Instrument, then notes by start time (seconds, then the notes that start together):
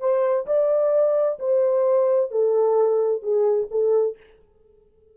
horn
0.00 C5
0.46 D5
1.40 C5
2.31 A4
3.22 G#4
3.71 A4